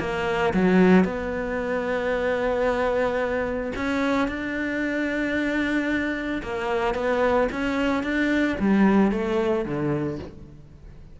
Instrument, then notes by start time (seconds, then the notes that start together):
cello
0.00 A#3
0.54 F#3
1.05 B3
3.76 C#4
4.28 D4
6.43 A#3
6.95 B3
7.52 C#4
8.04 D4
8.60 G3
9.12 A3
9.66 D3